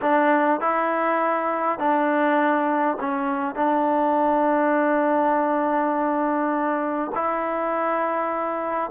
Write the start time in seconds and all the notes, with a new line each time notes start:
0.01 D4
0.60 E4
1.78 D4
3.00 C#4
3.55 D4
7.14 E4